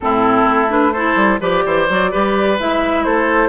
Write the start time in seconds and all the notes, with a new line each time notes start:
0.00 A2 C4 E4 A4
0.45 A3
0.69 D4 B4
0.92 E4 A4 C5
1.15 G3
1.40 F3 G4 B4 D5
1.65 E3 C5
1.89 F#3 F#4
2.11 G3 G4 B4
2.59 G#3 E4 E5
3.04 A3 A4 C5